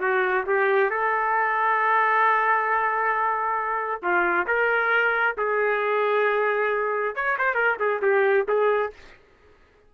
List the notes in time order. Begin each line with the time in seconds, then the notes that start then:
0.00 F#4
0.47 G4
0.91 A4
4.02 F4
4.47 A#4
5.38 G#4
7.16 C#5
7.39 C5
7.55 A#4
7.80 G#4
8.02 G4
8.48 G#4